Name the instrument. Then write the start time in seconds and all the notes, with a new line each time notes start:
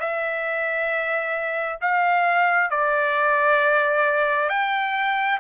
trumpet
0.00 E5
1.81 F5
2.71 D5
4.49 G5